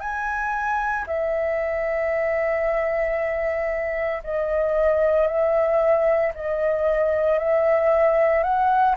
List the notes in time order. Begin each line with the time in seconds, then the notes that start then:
0.00 G#5
1.07 E5
4.24 D#5
5.28 E5
6.35 D#5
7.39 E5
8.44 F#5